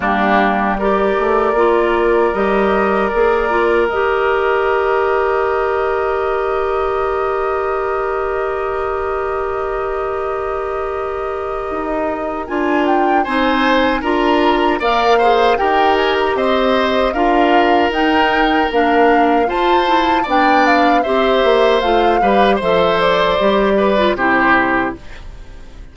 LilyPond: <<
  \new Staff \with { instrumentName = "flute" } { \time 4/4 \tempo 4 = 77 g'4 d''2 dis''4 | d''4 dis''2.~ | dis''1~ | dis''1 |
gis''8 g''8 gis''4 ais''4 f''4 | g''8 gis''16 ais''16 dis''4 f''4 g''4 | f''4 a''4 g''8 f''8 e''4 | f''4 e''8 d''4. c''4 | }
  \new Staff \with { instrumentName = "oboe" } { \time 4/4 d'4 ais'2.~ | ais'1~ | ais'1~ | ais'1~ |
ais'4 c''4 ais'4 d''8 c''8 | ais'4 c''4 ais'2~ | ais'4 c''4 d''4 c''4~ | c''8 b'8 c''4. b'8 g'4 | }
  \new Staff \with { instrumentName = "clarinet" } { \time 4/4 ais4 g'4 f'4 g'4 | gis'8 f'8 g'2.~ | g'1~ | g'1 |
f'4 dis'4 f'4 ais'8 gis'8 | g'2 f'4 dis'4 | d'4 f'8 e'8 d'4 g'4 | f'8 g'8 a'4 g'8. f'16 e'4 | }
  \new Staff \with { instrumentName = "bassoon" } { \time 4/4 g4. a8 ais4 g4 | ais4 dis2.~ | dis1~ | dis2. dis'4 |
d'4 c'4 d'4 ais4 | dis'4 c'4 d'4 dis'4 | ais4 f'4 b4 c'8 ais8 | a8 g8 f4 g4 c4 | }
>>